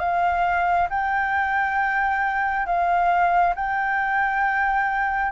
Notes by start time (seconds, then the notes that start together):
0.00 F5
0.89 G5
2.66 F5
3.55 G5